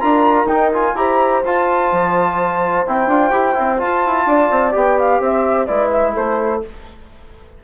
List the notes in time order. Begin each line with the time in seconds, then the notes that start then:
0.00 D4 F4 A#4 A#5
0.45 D#4 G5
0.73 F4 G#5
0.95 E4 G4 C5 A#5
1.44 F4 A5
1.92 F3
2.87 C4 E4 G5
3.07 D4 F4
3.31 E4 G4
3.54 C4 E4
3.78 F4 A5
4.06 E4
4.26 D4 D5
4.51 C4
4.72 B3 G4 G5
4.99 F5
5.20 C4 C5 E5
5.66 G#3 E4 B4 D5
5.91 E5
6.13 A3 A4 C5